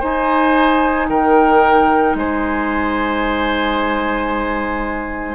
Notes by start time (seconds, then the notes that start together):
0.00 D#4 C5 G#5
1.10 D#3 A#4 G5
2.15 G#3 C5 G#5